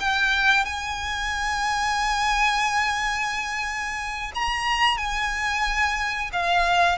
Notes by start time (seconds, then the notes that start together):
0.00 G5
0.65 G#5
4.35 A#5
4.97 G#5
6.33 F5